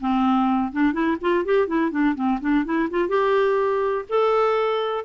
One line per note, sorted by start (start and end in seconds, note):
0.00 0.72 C4
0.72 0.93 D4
0.93 1.17 E4
1.21 1.45 F4
1.45 1.67 G4
1.67 1.91 E4
1.91 2.15 D4
2.15 2.39 C4
2.40 2.65 D4
2.65 2.89 E4
2.90 3.08 F4
3.08 4.05 G4
4.09 5.05 A4